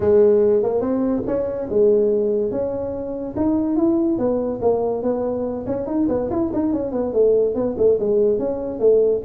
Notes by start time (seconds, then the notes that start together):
0.00 G#3
0.62 A#3
0.81 C4
1.26 C#4
1.69 G#3
2.51 C#4
3.36 D#4
3.76 E4
4.18 B3
4.61 A#3
5.02 B3
5.66 C#4
5.86 D#4
6.08 B3
6.30 E4
6.53 D#4
6.72 C#4
6.92 B3
7.13 A3
7.54 B3
7.77 A3
7.99 G#3
8.38 C#4
8.79 A3